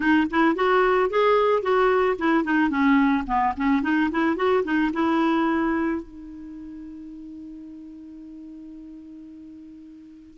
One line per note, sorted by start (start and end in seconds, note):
0.00 0.27 D#4
0.30 0.55 E4
0.55 1.09 F#4
1.09 1.62 G#4
1.62 2.17 F#4
2.18 2.44 E4
2.44 2.70 D#4
2.70 3.24 C#4
3.27 3.54 B3
3.57 3.82 C#4
3.82 4.09 D#4
4.11 4.36 E4
4.36 4.63 F#4
4.64 4.91 D#4
4.93 6.02 E4
6.02 10.38 D#4